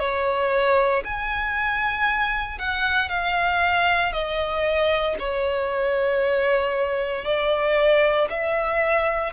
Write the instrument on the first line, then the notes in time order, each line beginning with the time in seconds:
violin
0.00 C#5
1.05 G#5
2.59 F#5
3.09 F5
4.13 D#5
5.20 C#5
7.25 D5
8.30 E5